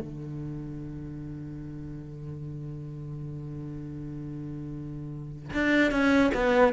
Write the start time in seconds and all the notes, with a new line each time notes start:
0.00 D3
5.53 D4
5.91 C#4
6.34 B3